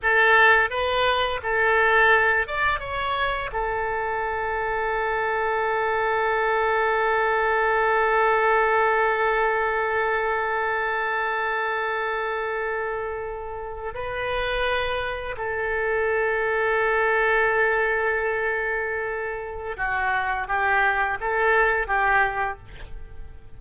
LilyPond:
\new Staff \with { instrumentName = "oboe" } { \time 4/4 \tempo 4 = 85 a'4 b'4 a'4. d''8 | cis''4 a'2.~ | a'1~ | a'1~ |
a'2.~ a'8. b'16~ | b'4.~ b'16 a'2~ a'16~ | a'1 | fis'4 g'4 a'4 g'4 | }